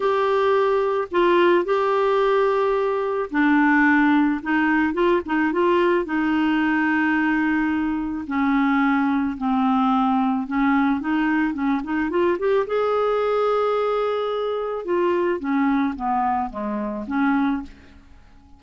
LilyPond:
\new Staff \with { instrumentName = "clarinet" } { \time 4/4 \tempo 4 = 109 g'2 f'4 g'4~ | g'2 d'2 | dis'4 f'8 dis'8 f'4 dis'4~ | dis'2. cis'4~ |
cis'4 c'2 cis'4 | dis'4 cis'8 dis'8 f'8 g'8 gis'4~ | gis'2. f'4 | cis'4 b4 gis4 cis'4 | }